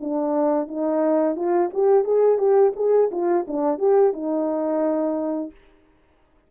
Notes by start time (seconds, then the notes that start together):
0.00 D4
0.68 D#4
1.35 F4
1.73 G4
2.04 G#4
2.38 G4
2.76 G#4
3.11 F4
3.47 D4
3.78 G4
4.13 D#4